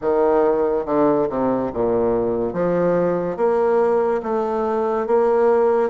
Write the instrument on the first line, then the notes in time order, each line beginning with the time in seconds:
bassoon
0.01 D#3
0.85 D3
1.29 C3
1.73 A#2
2.53 F3
3.36 A#3
4.23 A3
5.07 A#3